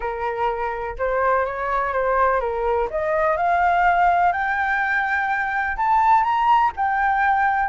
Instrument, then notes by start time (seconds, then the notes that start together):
flute
0.00 A#4
0.98 C5
1.45 C#5
1.93 C5
2.40 A#4
2.90 D#5
3.36 F5
4.32 G5
5.76 A5
6.23 A#5
6.76 G5